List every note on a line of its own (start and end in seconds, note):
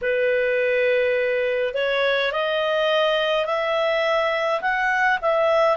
0.01 1.74 B4
1.74 2.31 C#5
2.32 3.45 D#5
3.45 4.60 E5
4.61 5.19 F#5
5.21 5.77 E5